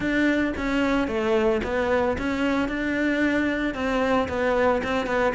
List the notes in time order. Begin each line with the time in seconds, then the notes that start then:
0.00 D4
0.56 C#4
1.07 A3
1.63 B3
2.17 C#4
2.68 D4
3.74 C4
4.28 B3
4.83 C4
5.06 B3